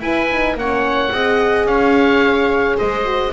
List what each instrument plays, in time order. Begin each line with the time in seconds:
0.00 double bass E4, horn E4, viola B4, oboe G#5
0.31 horn D#4
0.54 double bass A#3, horn C#4, viola C#5, oboe F#5
1.12 double bass C4, horn G#4, viola D#5
1.65 double bass C#4, viola C#5, oboe F5
2.77 double bass G#3, viola C5, oboe D#5
3.05 horn F#4